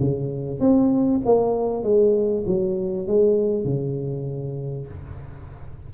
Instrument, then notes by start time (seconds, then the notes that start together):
tuba
0.00 C#3
0.60 C4
1.25 A#3
1.83 G#3
2.46 F#3
3.07 G#3
3.65 C#3